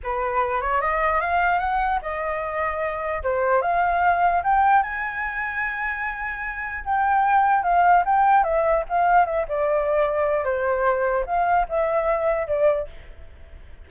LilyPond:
\new Staff \with { instrumentName = "flute" } { \time 4/4 \tempo 4 = 149 b'4. cis''8 dis''4 f''4 | fis''4 dis''2. | c''4 f''2 g''4 | gis''1~ |
gis''4 g''2 f''4 | g''4 e''4 f''4 e''8 d''8~ | d''2 c''2 | f''4 e''2 d''4 | }